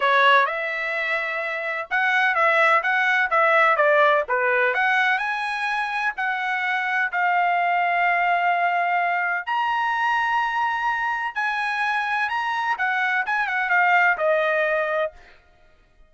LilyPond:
\new Staff \with { instrumentName = "trumpet" } { \time 4/4 \tempo 4 = 127 cis''4 e''2. | fis''4 e''4 fis''4 e''4 | d''4 b'4 fis''4 gis''4~ | gis''4 fis''2 f''4~ |
f''1 | ais''1 | gis''2 ais''4 fis''4 | gis''8 fis''8 f''4 dis''2 | }